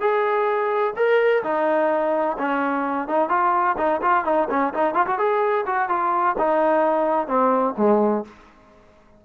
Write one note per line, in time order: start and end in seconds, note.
0.00 0.94 G#4
0.96 1.43 A#4
1.43 2.37 D#4
2.38 3.08 C#4
3.08 3.29 D#4
3.29 3.76 F4
3.77 4.01 D#4
4.02 4.24 F4
4.24 4.48 D#4
4.50 4.73 C#4
4.74 4.94 D#4
4.94 5.06 F4
5.07 5.18 F#4
5.18 5.65 G#4
5.66 5.89 F#4
5.89 6.36 F4
6.38 7.27 D#4
7.27 7.74 C4
7.77 8.24 G#3